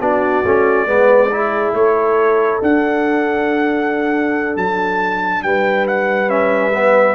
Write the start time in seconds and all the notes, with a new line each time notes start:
0.00 B3 D4 F#4 D5
0.44 A3 C#4
0.86 G#3 B3 B4
1.31 E4 G#4
1.73 A3 A4 C#5
2.61 D4 F#5
4.56 F#3 A5
5.42 G3 B4 G5
5.87 F#5
6.28 C#4 E5
6.75 B3